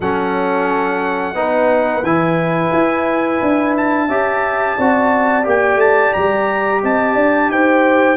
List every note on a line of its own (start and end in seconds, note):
0.00 1.34 F#3
0.00 1.35 C#4
0.00 1.37 A4
0.00 2.04 F#5
1.34 2.02 B3
1.34 2.03 D#4
1.34 4.07 B4
2.02 2.70 E3
2.02 4.09 E4
2.02 3.75 G#5
2.72 3.40 E4
3.41 4.08 D4
3.76 5.47 A5
4.07 4.76 C#4
4.07 4.78 G4
4.07 4.75 E5
4.76 5.46 C4
4.76 5.43 F#4
4.76 6.81 D5
5.43 5.75 A#3
5.43 8.16 G4
5.43 5.80 G5
5.75 6.09 A3
5.75 6.13 A5
6.13 6.83 G3
6.13 6.81 A#5
6.83 7.15 C4
6.83 7.14 D#5
6.83 7.51 A5
7.14 7.48 D4
7.14 7.48 D5
7.48 8.17 D#4
7.48 8.17 C5
7.48 8.17 G5